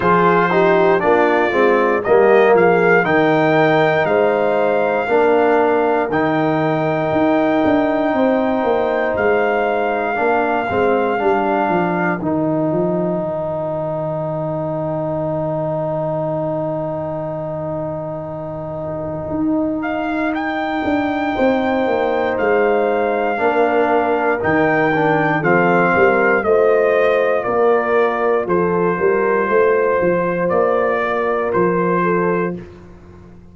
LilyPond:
<<
  \new Staff \with { instrumentName = "trumpet" } { \time 4/4 \tempo 4 = 59 c''4 d''4 dis''8 f''8 g''4 | f''2 g''2~ | g''4 f''2. | g''1~ |
g''2.~ g''8 f''8 | g''2 f''2 | g''4 f''4 dis''4 d''4 | c''2 d''4 c''4 | }
  \new Staff \with { instrumentName = "horn" } { \time 4/4 gis'8 g'8 f'4 g'8 gis'8 ais'4 | c''4 ais'2. | c''2 ais'2~ | ais'1~ |
ais'1~ | ais'4 c''2 ais'4~ | ais'4 a'8 ais'8 c''4 ais'4 | a'8 ais'8 c''4. ais'4 a'8 | }
  \new Staff \with { instrumentName = "trombone" } { \time 4/4 f'8 dis'8 d'8 c'8 ais4 dis'4~ | dis'4 d'4 dis'2~ | dis'2 d'8 c'8 d'4 | dis'1~ |
dis'1~ | dis'2. d'4 | dis'8 d'8 c'4 f'2~ | f'1 | }
  \new Staff \with { instrumentName = "tuba" } { \time 4/4 f4 ais8 gis8 g8 f8 dis4 | gis4 ais4 dis4 dis'8 d'8 | c'8 ais8 gis4 ais8 gis8 g8 f8 | dis8 f8 dis2.~ |
dis2. dis'4~ | dis'8 d'8 c'8 ais8 gis4 ais4 | dis4 f8 g8 a4 ais4 | f8 g8 a8 f8 ais4 f4 | }
>>